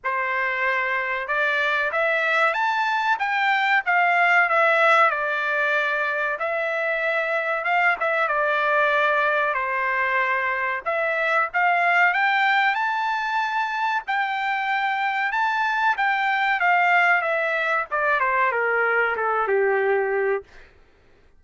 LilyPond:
\new Staff \with { instrumentName = "trumpet" } { \time 4/4 \tempo 4 = 94 c''2 d''4 e''4 | a''4 g''4 f''4 e''4 | d''2 e''2 | f''8 e''8 d''2 c''4~ |
c''4 e''4 f''4 g''4 | a''2 g''2 | a''4 g''4 f''4 e''4 | d''8 c''8 ais'4 a'8 g'4. | }